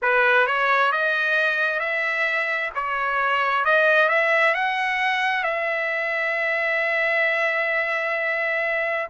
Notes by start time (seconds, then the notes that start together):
0.02 B4
0.46 C#5
0.92 D#5
1.79 E5
2.75 C#5
3.64 D#5
4.09 E5
4.54 F#5
5.43 E5